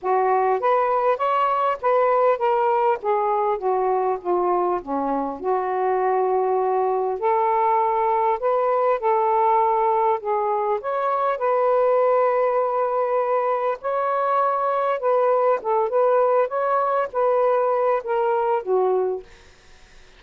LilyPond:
\new Staff \with { instrumentName = "saxophone" } { \time 4/4 \tempo 4 = 100 fis'4 b'4 cis''4 b'4 | ais'4 gis'4 fis'4 f'4 | cis'4 fis'2. | a'2 b'4 a'4~ |
a'4 gis'4 cis''4 b'4~ | b'2. cis''4~ | cis''4 b'4 a'8 b'4 cis''8~ | cis''8 b'4. ais'4 fis'4 | }